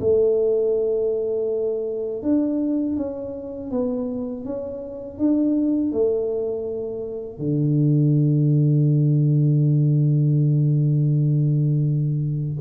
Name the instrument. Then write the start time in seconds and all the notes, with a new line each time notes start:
tuba
0.00 A3
2.22 D4
2.97 C#4
3.71 B3
4.45 C#4
5.18 D4
5.92 A3
7.38 D3